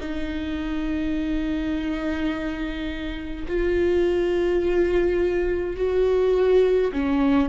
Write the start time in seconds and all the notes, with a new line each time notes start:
0.00 D#4
3.48 F4
5.76 F#4
6.93 C#4